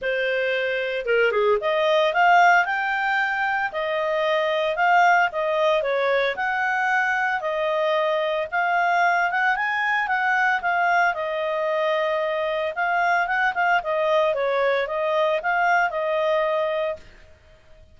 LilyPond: \new Staff \with { instrumentName = "clarinet" } { \time 4/4 \tempo 4 = 113 c''2 ais'8 gis'8 dis''4 | f''4 g''2 dis''4~ | dis''4 f''4 dis''4 cis''4 | fis''2 dis''2 |
f''4. fis''8 gis''4 fis''4 | f''4 dis''2. | f''4 fis''8 f''8 dis''4 cis''4 | dis''4 f''4 dis''2 | }